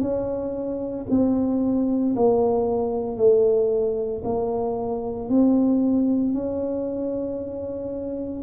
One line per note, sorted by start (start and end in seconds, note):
0.00 1.05 C#4
1.10 2.15 C4
2.16 3.16 A#3
3.16 4.22 A3
4.23 5.29 A#3
5.29 6.33 C4
6.33 8.42 C#4